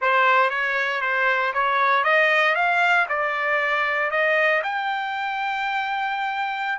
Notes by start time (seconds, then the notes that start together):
0.01 C5
0.50 C#5
1.01 C5
1.53 C#5
2.04 D#5
2.55 F5
3.08 D5
4.10 D#5
4.63 G5